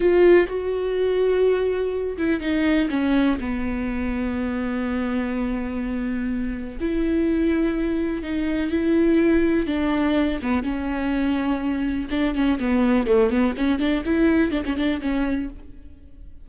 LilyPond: \new Staff \with { instrumentName = "viola" } { \time 4/4 \tempo 4 = 124 f'4 fis'2.~ | fis'8 e'8 dis'4 cis'4 b4~ | b1~ | b2 e'2~ |
e'4 dis'4 e'2 | d'4. b8 cis'2~ | cis'4 d'8 cis'8 b4 a8 b8 | cis'8 d'8 e'4 d'16 cis'16 d'8 cis'4 | }